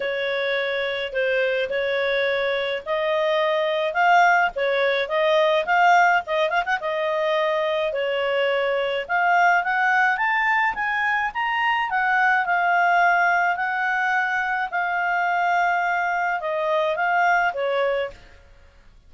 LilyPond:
\new Staff \with { instrumentName = "clarinet" } { \time 4/4 \tempo 4 = 106 cis''2 c''4 cis''4~ | cis''4 dis''2 f''4 | cis''4 dis''4 f''4 dis''8 f''16 fis''16 | dis''2 cis''2 |
f''4 fis''4 a''4 gis''4 | ais''4 fis''4 f''2 | fis''2 f''2~ | f''4 dis''4 f''4 cis''4 | }